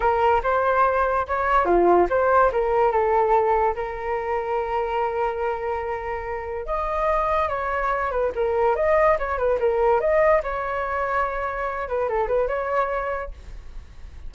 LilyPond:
\new Staff \with { instrumentName = "flute" } { \time 4/4 \tempo 4 = 144 ais'4 c''2 cis''4 | f'4 c''4 ais'4 a'4~ | a'4 ais'2.~ | ais'1 |
dis''2 cis''4. b'8 | ais'4 dis''4 cis''8 b'8 ais'4 | dis''4 cis''2.~ | cis''8 b'8 a'8 b'8 cis''2 | }